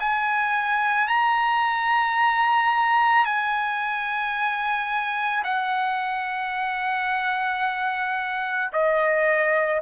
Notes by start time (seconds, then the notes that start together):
0.00 G#5
1.09 A#5
3.25 G#5
5.44 F#5
8.73 D#5